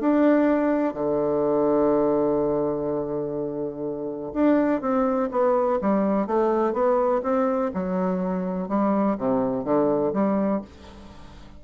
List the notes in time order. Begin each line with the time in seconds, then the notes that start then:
0.00 D4
0.94 D3
4.34 D4
4.81 C4
5.31 B3
5.81 G3
6.27 A3
6.73 B3
7.23 C4
7.74 F#3
8.68 G3
9.18 C3
9.65 D3
10.13 G3